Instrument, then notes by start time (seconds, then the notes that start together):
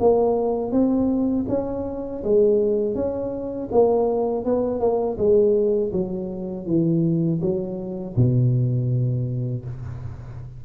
tuba
0.00 A#3
0.72 C4
1.49 C#4
2.24 G#3
2.95 C#4
3.72 A#3
4.45 B3
4.80 A#3
5.18 G#3
5.93 F#3
6.66 E3
7.41 F#3
8.17 B2